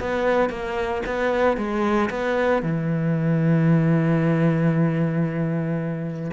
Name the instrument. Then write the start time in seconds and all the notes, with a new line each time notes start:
cello
0.00 B3
0.50 A#3
1.06 B3
1.57 G#3
2.10 B3
2.63 E3